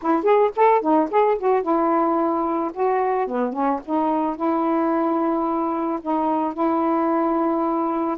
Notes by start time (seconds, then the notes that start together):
0.01 E4
0.23 G#4
0.56 A4
0.81 D#4
1.11 G#4
1.38 F#4
1.62 E4
2.73 F#4
3.27 B3
3.52 C#4
3.85 D#4
4.36 E4
6.01 D#4
6.53 E4